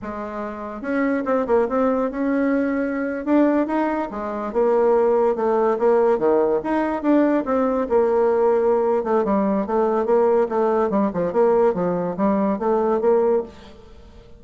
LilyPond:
\new Staff \with { instrumentName = "bassoon" } { \time 4/4 \tempo 4 = 143 gis2 cis'4 c'8 ais8 | c'4 cis'2~ cis'8. d'16~ | d'8. dis'4 gis4 ais4~ ais16~ | ais8. a4 ais4 dis4 dis'16~ |
dis'8. d'4 c'4 ais4~ ais16~ | ais4. a8 g4 a4 | ais4 a4 g8 f8 ais4 | f4 g4 a4 ais4 | }